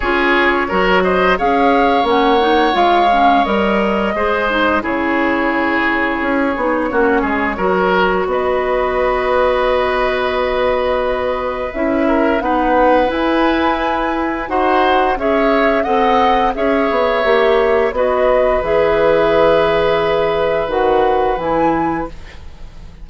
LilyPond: <<
  \new Staff \with { instrumentName = "flute" } { \time 4/4 \tempo 4 = 87 cis''4. dis''8 f''4 fis''4 | f''4 dis''2 cis''4~ | cis''1 | dis''1~ |
dis''4 e''4 fis''4 gis''4~ | gis''4 fis''4 e''4 fis''4 | e''2 dis''4 e''4~ | e''2 fis''4 gis''4 | }
  \new Staff \with { instrumentName = "oboe" } { \time 4/4 gis'4 ais'8 c''8 cis''2~ | cis''2 c''4 gis'4~ | gis'2 fis'8 gis'8 ais'4 | b'1~ |
b'4. ais'8 b'2~ | b'4 c''4 cis''4 dis''4 | cis''2 b'2~ | b'1 | }
  \new Staff \with { instrumentName = "clarinet" } { \time 4/4 f'4 fis'4 gis'4 cis'8 dis'8 | f'8 cis'8 ais'4 gis'8 dis'8 e'4~ | e'4. dis'8 cis'4 fis'4~ | fis'1~ |
fis'4 e'4 dis'4 e'4~ | e'4 fis'4 gis'4 a'4 | gis'4 g'4 fis'4 gis'4~ | gis'2 fis'4 e'4 | }
  \new Staff \with { instrumentName = "bassoon" } { \time 4/4 cis'4 fis4 cis'4 ais4 | gis4 g4 gis4 cis4~ | cis4 cis'8 b8 ais8 gis8 fis4 | b1~ |
b4 cis'4 b4 e'4~ | e'4 dis'4 cis'4 c'4 | cis'8 b8 ais4 b4 e4~ | e2 dis4 e4 | }
>>